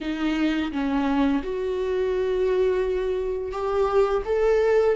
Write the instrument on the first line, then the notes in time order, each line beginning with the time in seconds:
viola
0.01 D#4
0.72 C#4
1.43 F#4
3.51 G4
4.25 A4